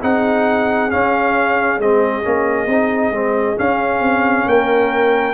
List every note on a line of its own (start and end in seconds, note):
0.00 0.92 C4
0.00 0.90 D#4
0.00 4.47 G#4
0.00 0.90 F#5
0.90 1.80 C#4
0.90 1.79 C#4
0.90 1.80 F5
1.79 2.23 G#3
1.79 2.23 C4
1.79 3.59 D#5
2.23 2.66 A#3
2.23 2.67 C#4
2.66 3.11 C4
2.66 3.13 D#4
3.11 3.56 G#3
3.11 3.56 C4
3.56 5.34 C#4
3.56 4.00 C#4
3.56 4.48 F5
4.00 4.45 C4
4.46 5.34 A#3
4.46 5.34 A#4
4.46 5.34 G5